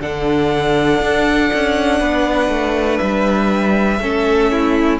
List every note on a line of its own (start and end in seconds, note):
0.00 1.00 D3
0.00 4.00 D4
0.00 2.00 A4
0.00 2.98 F#5
1.01 1.51 D4
1.53 2.00 C#4
2.00 2.49 B3
2.00 4.00 B4
2.49 2.99 A3
2.98 3.99 G3
2.98 4.98 E5
3.99 4.99 A3
3.99 5.00 C#4
3.99 4.51 A4
4.51 5.00 E4